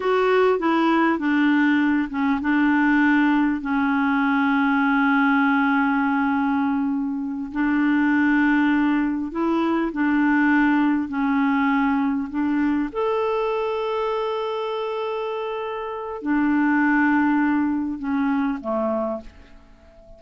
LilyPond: \new Staff \with { instrumentName = "clarinet" } { \time 4/4 \tempo 4 = 100 fis'4 e'4 d'4. cis'8 | d'2 cis'2~ | cis'1~ | cis'8 d'2. e'8~ |
e'8 d'2 cis'4.~ | cis'8 d'4 a'2~ a'8~ | a'2. d'4~ | d'2 cis'4 a4 | }